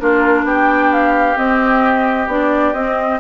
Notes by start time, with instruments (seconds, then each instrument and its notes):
0.00 bassoon A#3, clarinet D4, oboe F4, flute A#4
0.44 bassoon B3, oboe G4, flute G5
0.93 flute F5
1.36 clarinet C4, bassoon C4, flute D#5
2.28 bassoon B3, clarinet D4, flute D5
2.73 bassoon C4, clarinet C4, flute D#5